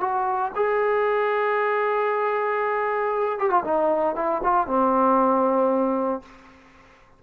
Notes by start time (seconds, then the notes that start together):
0.00 F#4
0.55 G#4
3.39 G4
3.50 F4
3.64 D#4
4.16 E4
4.43 F4
4.67 C4